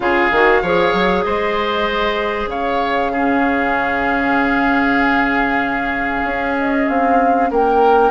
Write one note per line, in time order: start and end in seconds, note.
0.00 0.29 C#3
0.00 0.31 F4
0.00 0.62 G#4
0.00 1.23 F5
0.31 0.62 D#3
0.31 0.64 F#4
0.62 0.93 F3
0.62 3.14 G#4
0.62 1.24 C#5
0.93 1.24 F#3
1.23 2.46 G#3
1.23 2.50 C5
1.23 2.48 D#5
2.46 6.21 C#3
2.46 3.12 C#5
2.46 6.56 F5
3.12 8.10 C#4
3.12 7.49 G#4
6.24 6.86 C#4
6.58 6.88 D#5
6.88 7.50 C4
6.88 7.50 F5
7.50 8.10 A#3
7.50 8.10 A#4
7.50 8.10 G5